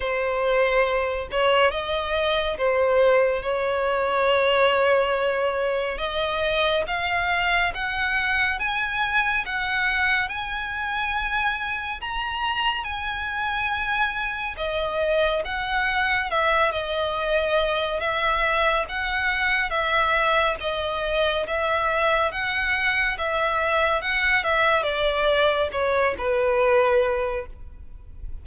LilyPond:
\new Staff \with { instrumentName = "violin" } { \time 4/4 \tempo 4 = 70 c''4. cis''8 dis''4 c''4 | cis''2. dis''4 | f''4 fis''4 gis''4 fis''4 | gis''2 ais''4 gis''4~ |
gis''4 dis''4 fis''4 e''8 dis''8~ | dis''4 e''4 fis''4 e''4 | dis''4 e''4 fis''4 e''4 | fis''8 e''8 d''4 cis''8 b'4. | }